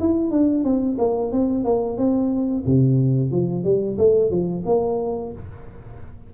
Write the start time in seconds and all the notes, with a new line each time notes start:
0.00 E4
0.31 D4
0.64 C4
0.99 A#3
1.32 C4
1.65 A#3
1.98 C4
2.66 C3
3.32 F3
3.64 G3
3.98 A3
4.31 F3
4.66 A#3